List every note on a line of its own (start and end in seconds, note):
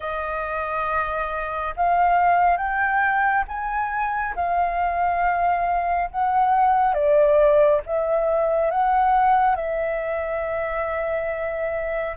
0.00 1.74 D#5
1.76 2.57 F5
2.57 3.44 G5
3.47 4.34 G#5
4.35 6.09 F5
6.10 6.94 F#5
6.94 7.81 D5
7.85 8.70 E5
8.70 9.55 F#5
9.55 12.16 E5